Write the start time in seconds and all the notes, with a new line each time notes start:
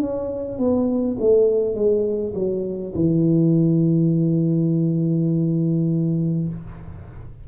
0.00 C#4
0.59 B3
1.20 A3
1.75 G#3
2.35 F#3
2.96 E3